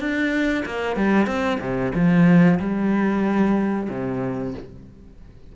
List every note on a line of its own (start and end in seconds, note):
0.00 0.65 D4
0.66 0.96 A#3
0.96 1.27 G3
1.27 1.59 C4
1.60 1.93 C3
1.95 2.59 F3
2.60 3.89 G3
3.90 4.54 C3